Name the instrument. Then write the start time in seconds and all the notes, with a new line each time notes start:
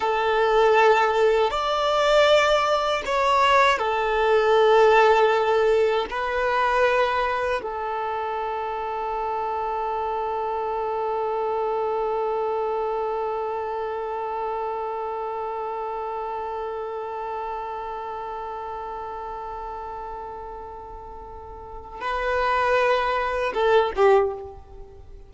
violin
0.00 A4
1.50 D5
3.06 C#5
3.78 A4
6.10 B4
7.62 A4
22.00 B4
23.54 A4
23.96 G4